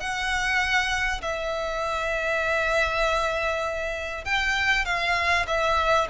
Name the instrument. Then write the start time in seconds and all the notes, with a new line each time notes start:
violin
0.00 F#5
1.21 E5
4.25 G5
4.85 F5
5.47 E5